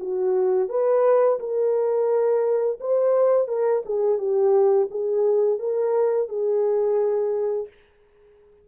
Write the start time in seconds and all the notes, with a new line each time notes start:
0.00 F#4
0.69 B4
1.40 A#4
2.80 C5
3.48 A#4
3.85 G#4
4.18 G4
4.91 G#4
5.59 A#4
6.29 G#4